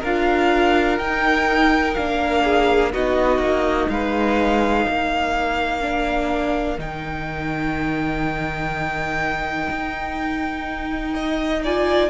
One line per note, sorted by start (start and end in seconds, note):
0.00 0.99 D4
0.00 1.01 F4
0.00 2.42 A#4
0.00 0.99 F5
0.99 1.96 D#4
0.99 1.97 D#4
0.99 1.95 G5
1.95 2.95 A#3
1.95 2.93 D4
1.95 2.92 F5
2.44 2.93 G#4
2.93 3.39 B3
2.93 5.81 D#4
2.93 3.90 F#4
2.93 3.89 D#5
3.39 3.87 A#3
3.89 4.86 G#3
3.89 4.89 B4
3.89 6.80 F5
4.89 6.78 A#3
4.89 11.15 A#4
5.81 6.78 D4
6.78 9.69 D#3
6.78 11.63 D#4
6.78 11.65 G5
9.71 12.10 D#4
11.15 11.63 D#5
11.64 12.10 F4
11.64 12.10 D5
11.64 12.10 G#5